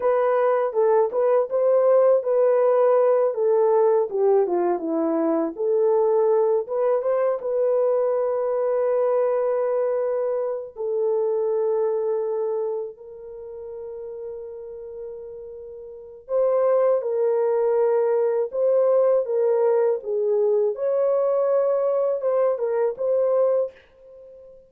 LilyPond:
\new Staff \with { instrumentName = "horn" } { \time 4/4 \tempo 4 = 81 b'4 a'8 b'8 c''4 b'4~ | b'8 a'4 g'8 f'8 e'4 a'8~ | a'4 b'8 c''8 b'2~ | b'2~ b'8 a'4.~ |
a'4. ais'2~ ais'8~ | ais'2 c''4 ais'4~ | ais'4 c''4 ais'4 gis'4 | cis''2 c''8 ais'8 c''4 | }